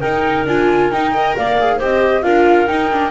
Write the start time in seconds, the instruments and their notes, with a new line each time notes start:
0.00 double bass D#4, viola D#4, clarinet A#4, flute G5
0.46 double bass D4, viola F4, flute G#5
0.91 double bass D#4, viola D#4, flute G5
1.14 viola A#4, clarinet D#5
1.36 double bass A#3, clarinet D5, flute F5
1.60 viola G#4
1.77 double bass C4, viola G4, clarinet C5, flute D#5
2.22 double bass D4, viola F4, clarinet A#4, flute F5
2.67 viola D#4, double bass D#4, flute G5
2.92 viola D4